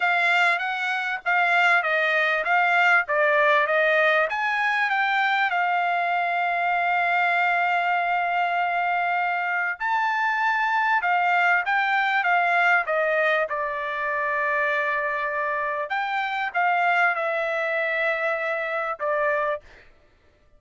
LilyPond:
\new Staff \with { instrumentName = "trumpet" } { \time 4/4 \tempo 4 = 98 f''4 fis''4 f''4 dis''4 | f''4 d''4 dis''4 gis''4 | g''4 f''2.~ | f''1 |
a''2 f''4 g''4 | f''4 dis''4 d''2~ | d''2 g''4 f''4 | e''2. d''4 | }